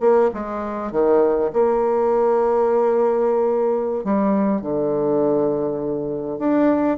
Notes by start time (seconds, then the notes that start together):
0.00 A#3
0.33 G#3
0.91 D#3
1.53 A#3
4.04 G3
4.61 D3
6.38 D4